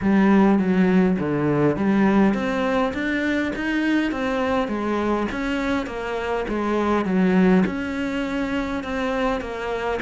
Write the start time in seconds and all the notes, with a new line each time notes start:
0.01 G3
0.58 F#3
1.19 D3
1.76 G3
2.33 C4
2.93 D4
3.55 D#4
4.11 C4
4.68 G#3
5.31 C#4
5.86 A#3
6.48 G#3
7.05 F#3
7.66 C#4
8.83 C4
9.40 A#3